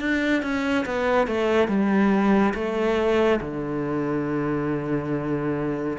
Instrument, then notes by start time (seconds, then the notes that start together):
cello
0.00 D4
0.42 C#4
0.86 B3
1.27 A3
1.68 G3
2.54 A3
3.41 D3